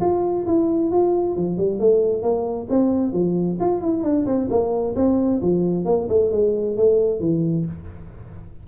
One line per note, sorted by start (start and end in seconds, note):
0.00 0.45 F4
0.46 0.91 E4
0.91 1.36 F4
1.36 1.57 F3
1.57 1.79 G3
1.79 2.22 A3
2.22 2.67 A#3
2.69 3.13 C4
3.13 3.58 F3
3.60 3.81 F4
3.81 4.03 E4
4.03 4.25 D4
4.26 4.48 C4
4.49 4.95 A#3
4.95 5.41 C4
5.41 5.85 F3
5.85 6.08 A#3
6.09 6.31 A3
6.32 6.76 G#3
6.76 7.20 A3
7.20 7.65 E3